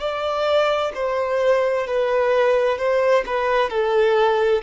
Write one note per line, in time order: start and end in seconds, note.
0.00 0.92 D5
0.95 1.87 C5
1.87 2.79 B4
2.79 3.25 C5
3.26 3.70 B4
3.70 4.62 A4